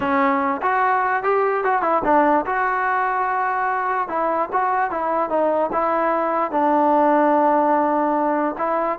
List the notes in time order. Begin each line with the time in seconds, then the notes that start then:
0.00 C#4
0.61 F#4
1.23 G4
1.63 F#4
1.82 E4
2.04 D4
2.45 F#4
4.08 E4
4.52 F#4
4.90 E4
5.29 D#4
5.72 E4
6.51 D4
8.58 E4